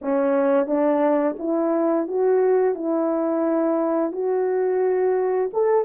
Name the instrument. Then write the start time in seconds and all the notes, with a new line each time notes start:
horn
0.01 C#4
0.66 D4
1.38 E4
2.07 F#4
2.74 E4
4.12 F#4
5.53 A4